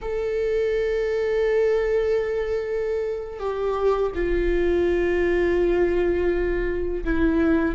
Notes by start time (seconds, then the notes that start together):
0.01 A4
3.39 G4
4.14 F4
7.04 E4